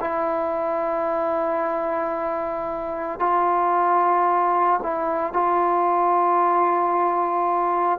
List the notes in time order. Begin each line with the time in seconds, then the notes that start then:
0.00 E4
3.19 F4
4.83 E4
5.33 F4